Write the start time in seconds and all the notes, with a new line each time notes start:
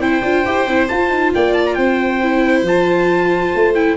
0.00 C4 E4 C5 G5
0.23 D4 F4
0.46 E4 G4
0.67 C4 E4
0.88 F4 A5
1.10 D#4
1.34 A#3 D5 G5
1.54 A5
1.66 A#5
1.75 C4 C5 G5
2.23 E4
2.63 F3 F4 A5
3.55 A3
3.75 E4 G5